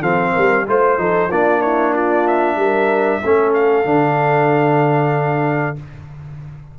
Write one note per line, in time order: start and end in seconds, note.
0.00 0.34 F3
0.00 0.66 C4
0.00 0.32 A4
0.00 0.66 F5
0.32 0.68 G3
0.32 0.64 A#4
0.67 0.98 A3
0.67 0.98 F4
0.67 1.01 C5
0.67 1.31 C5
0.98 1.30 F3
0.98 1.30 D#4
0.98 1.29 A4
1.29 2.56 A#3
1.29 3.23 D4
1.29 1.61 F4
1.29 1.61 D5
1.61 1.93 E4
1.61 1.93 C#5
1.93 2.57 F4
1.93 2.27 D5
2.27 3.54 E5
2.56 3.20 G3
2.56 3.22 A#4
3.23 3.85 A3
3.23 3.85 C#4
3.23 5.79 A4
3.54 5.77 F5
3.85 5.76 D3
3.85 5.76 D4